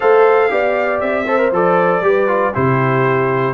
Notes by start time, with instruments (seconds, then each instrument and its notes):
0.00 tuba A3, trombone A4, horn C5, trumpet F5
0.49 tuba B3, trombone G4, horn D5
1.00 tuba C4, trumpet E5
1.26 trombone A4, horn C5
1.38 trombone A#4
1.51 tuba F3, trombone A4, trumpet D5
2.01 tuba G3, trombone G4, horn B4
2.27 trombone F4
2.53 tuba C3, trombone E4, horn G4, trumpet C5